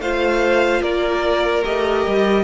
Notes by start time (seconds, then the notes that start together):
0.00 A3 F4 C5 F5
0.82 A#3 A#4 D5
1.63 A3 G4 D#5
2.07 G3